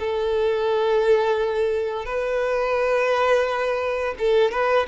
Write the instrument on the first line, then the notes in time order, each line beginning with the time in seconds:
violin
0.00 A4
2.06 B4
4.19 A4
4.52 B4